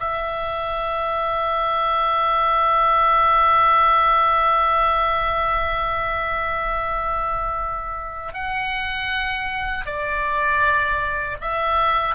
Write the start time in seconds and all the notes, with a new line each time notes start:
0.00 E5
8.34 F#5
9.86 D5
11.41 E5